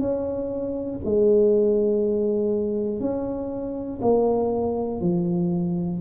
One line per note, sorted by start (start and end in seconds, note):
0.00 1.00 C#4
1.05 3.01 G#3
3.01 4.01 C#4
4.02 5.01 A#3
5.01 6.01 F3